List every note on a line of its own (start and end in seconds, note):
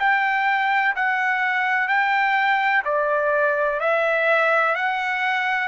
0.00 0.95 G5
0.96 1.88 F#5
1.88 2.84 G5
2.85 3.80 D5
3.81 4.75 E5
4.75 5.68 F#5